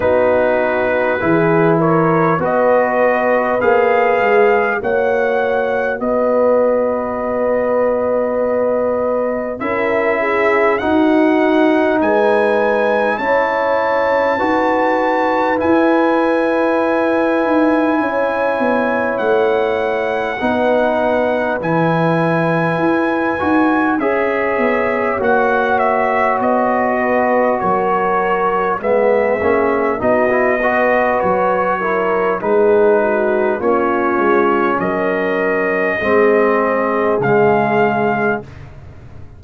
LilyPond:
<<
  \new Staff \with { instrumentName = "trumpet" } { \time 4/4 \tempo 4 = 50 b'4. cis''8 dis''4 f''4 | fis''4 dis''2. | e''4 fis''4 gis''4 a''4~ | a''4 gis''2. |
fis''2 gis''2 | e''4 fis''8 e''8 dis''4 cis''4 | e''4 dis''4 cis''4 b'4 | cis''4 dis''2 f''4 | }
  \new Staff \with { instrumentName = "horn" } { \time 4/4 fis'4 gis'8 ais'8 b'2 | cis''4 b'2. | ais'8 gis'8 fis'4 b'4 cis''4 | b'2. cis''4~ |
cis''4 b'2. | cis''2~ cis''8 b'8 ais'4 | gis'4 fis'8 b'4 ais'8 gis'8 fis'8 | f'4 ais'4 gis'2 | }
  \new Staff \with { instrumentName = "trombone" } { \time 4/4 dis'4 e'4 fis'4 gis'4 | fis'1 | e'4 dis'2 e'4 | fis'4 e'2.~ |
e'4 dis'4 e'4. fis'8 | gis'4 fis'2. | b8 cis'8 dis'16 e'16 fis'4 e'8 dis'4 | cis'2 c'4 gis4 | }
  \new Staff \with { instrumentName = "tuba" } { \time 4/4 b4 e4 b4 ais8 gis8 | ais4 b2. | cis'4 dis'4 gis4 cis'4 | dis'4 e'4. dis'8 cis'8 b8 |
a4 b4 e4 e'8 dis'8 | cis'8 b8 ais4 b4 fis4 | gis8 ais8 b4 fis4 gis4 | ais8 gis8 fis4 gis4 cis4 | }
>>